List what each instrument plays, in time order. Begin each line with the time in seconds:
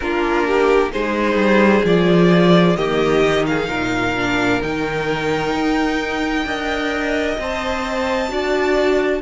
0.00 cello A#3, viola D4, violin F4 A#4
0.47 violin G4
0.91 cello G#3, viola D#4, violin G#4 C5
1.35 cello G3
1.84 cello F3, viola F4, violin D5
2.76 cello D#3, viola A#3, violin G4 D#5
3.24 viola D#4
3.46 violin G#4 F5
3.68 cello A#2, violin A#4
4.17 viola D4
4.61 cello D#3, viola D#4, violin G5
5.53 cello D#4
6.44 cello D4, viola A#4, violin D#5
7.38 cello C4, viola C5, violin A5
8.28 cello D4, viola F#4, violin D5